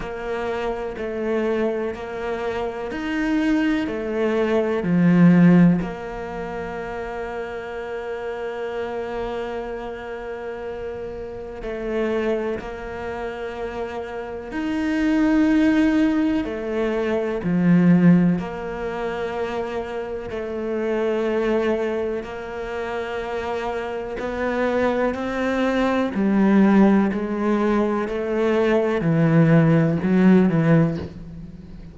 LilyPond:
\new Staff \with { instrumentName = "cello" } { \time 4/4 \tempo 4 = 62 ais4 a4 ais4 dis'4 | a4 f4 ais2~ | ais1 | a4 ais2 dis'4~ |
dis'4 a4 f4 ais4~ | ais4 a2 ais4~ | ais4 b4 c'4 g4 | gis4 a4 e4 fis8 e8 | }